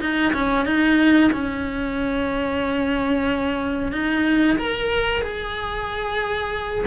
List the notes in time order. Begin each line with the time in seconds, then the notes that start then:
0.00 D#4
0.33 C#4
0.66 D#4
1.32 C#4
3.92 D#4
4.58 A#4
5.21 G#4